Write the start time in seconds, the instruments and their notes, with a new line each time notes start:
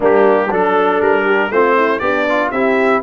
0.00 tuba G3, trombone A#3, horn D4, trumpet G4
0.50 tuba F#3, trombone D4, horn A4, trumpet A4
1.00 tuba G3, trumpet A#4
1.24 horn G4
1.49 tuba A3, trombone C4, horn F4, trumpet C5
1.75 horn E4
1.99 tuba B3, horn D4, trombone G4, trumpet D5
2.29 trombone F4
2.51 tuba C4, trombone E4, horn G4, trumpet E5